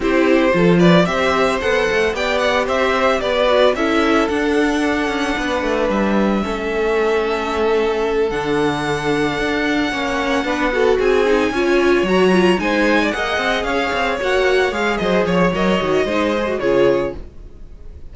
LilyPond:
<<
  \new Staff \with { instrumentName = "violin" } { \time 4/4 \tempo 4 = 112 c''4. d''8 e''4 fis''4 | g''8 fis''8 e''4 d''4 e''4 | fis''2. e''4~ | e''2.~ e''8 fis''8~ |
fis''1~ | fis''8 gis''2 ais''4 gis''8~ | gis''8 fis''4 f''4 fis''4 f''8 | dis''8 cis''8 dis''2 cis''4 | }
  \new Staff \with { instrumentName = "violin" } { \time 4/4 g'4 a'8 b'8 c''2 | d''4 c''4 b'4 a'4~ | a'2 b'2 | a'1~ |
a'2~ a'8 cis''4 b'8 | a'8 gis'4 cis''2 c''8~ | c''16 d''16 dis''4 cis''2~ cis''8 | c''8 cis''4. c''4 gis'4 | }
  \new Staff \with { instrumentName = "viola" } { \time 4/4 e'4 f'4 g'4 a'4 | g'2~ g'8 fis'8 e'4 | d'1 | cis'2.~ cis'8 d'8~ |
d'2~ d'8 cis'4 d'8 | fis'4 dis'8 f'4 fis'8 f'8 dis'8~ | dis'8 gis'2 fis'4 gis'8~ | gis'4 ais'8 fis'8 dis'8 gis'16 fis'16 f'4 | }
  \new Staff \with { instrumentName = "cello" } { \time 4/4 c'4 f4 c'4 b8 a8 | b4 c'4 b4 cis'4 | d'4. cis'8 b8 a8 g4 | a2.~ a8 d8~ |
d4. d'4 ais4 b8~ | b8 c'4 cis'4 fis4 gis8~ | gis8 ais8 c'8 cis'8 c'8 ais4 gis8 | fis8 f8 fis8 dis8 gis4 cis4 | }
>>